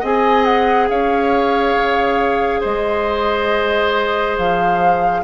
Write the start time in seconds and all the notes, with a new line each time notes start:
0.00 C4 G#4 D#5 G#5
0.45 F#5
0.89 C#4 C#5 F5
1.76 C#3
2.60 G#3 C5 D#5
4.38 F3 F5